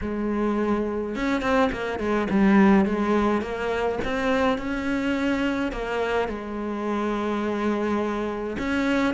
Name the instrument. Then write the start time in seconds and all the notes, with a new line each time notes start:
cello
0.01 G#3
1.15 C#4
1.41 C4
1.71 A#3
1.99 G#3
2.29 G3
2.85 G#3
3.41 A#3
4.04 C4
4.57 C#4
5.71 A#3
6.28 G#3
8.58 C#4